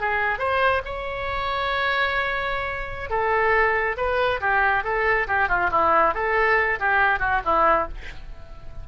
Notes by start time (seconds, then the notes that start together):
0.00 G#4
0.39 C5
0.85 C#5
3.10 A4
3.97 B4
4.41 G4
4.84 A4
5.28 G4
5.49 F4
5.71 E4
6.14 A4
6.80 G4
7.20 F#4
7.45 E4